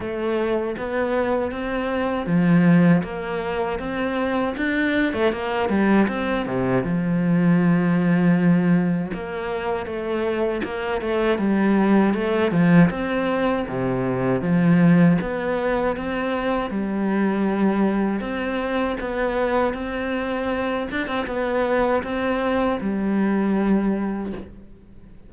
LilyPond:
\new Staff \with { instrumentName = "cello" } { \time 4/4 \tempo 4 = 79 a4 b4 c'4 f4 | ais4 c'4 d'8. a16 ais8 g8 | c'8 c8 f2. | ais4 a4 ais8 a8 g4 |
a8 f8 c'4 c4 f4 | b4 c'4 g2 | c'4 b4 c'4. d'16 c'16 | b4 c'4 g2 | }